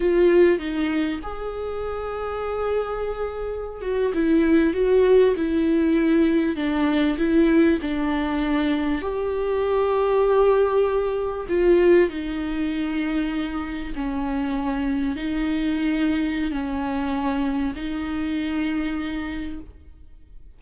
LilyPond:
\new Staff \with { instrumentName = "viola" } { \time 4/4 \tempo 4 = 98 f'4 dis'4 gis'2~ | gis'2~ gis'16 fis'8 e'4 fis'16~ | fis'8. e'2 d'4 e'16~ | e'8. d'2 g'4~ g'16~ |
g'2~ g'8. f'4 dis'16~ | dis'2~ dis'8. cis'4~ cis'16~ | cis'8. dis'2~ dis'16 cis'4~ | cis'4 dis'2. | }